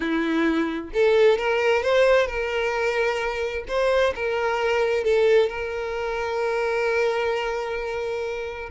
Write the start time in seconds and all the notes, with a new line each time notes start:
0.00 E4
0.93 A4
1.38 A#4
1.82 C5
2.27 A#4
3.67 C5
4.15 A#4
5.04 A4
5.49 A#4